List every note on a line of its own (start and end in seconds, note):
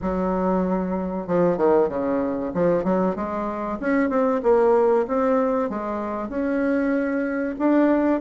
0.01 1.27 F#3
1.27 1.57 F3
1.57 1.89 D#3
1.89 2.52 C#3
2.53 2.84 F3
2.84 3.15 F#3
3.15 3.78 G#3
3.80 4.09 C#4
4.09 4.41 C4
4.42 5.06 A#3
5.07 5.69 C4
5.69 6.28 G#3
6.28 7.55 C#4
7.58 8.20 D4